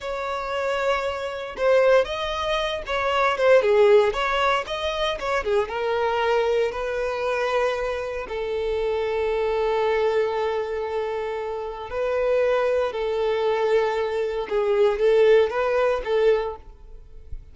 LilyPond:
\new Staff \with { instrumentName = "violin" } { \time 4/4 \tempo 4 = 116 cis''2. c''4 | dis''4. cis''4 c''8 gis'4 | cis''4 dis''4 cis''8 gis'8 ais'4~ | ais'4 b'2. |
a'1~ | a'2. b'4~ | b'4 a'2. | gis'4 a'4 b'4 a'4 | }